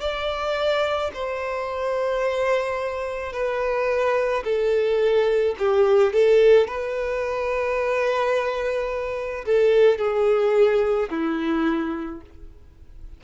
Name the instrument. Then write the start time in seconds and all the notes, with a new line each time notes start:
violin
0.00 D5
1.14 C5
3.32 B4
4.44 A4
5.59 G4
6.13 A4
6.67 B4
9.45 A4
9.98 G#4
11.10 E4